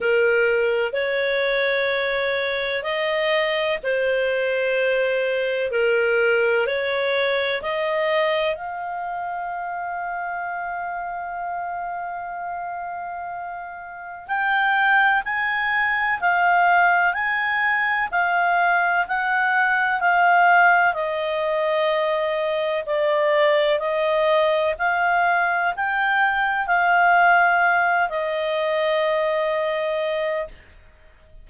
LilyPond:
\new Staff \with { instrumentName = "clarinet" } { \time 4/4 \tempo 4 = 63 ais'4 cis''2 dis''4 | c''2 ais'4 cis''4 | dis''4 f''2.~ | f''2. g''4 |
gis''4 f''4 gis''4 f''4 | fis''4 f''4 dis''2 | d''4 dis''4 f''4 g''4 | f''4. dis''2~ dis''8 | }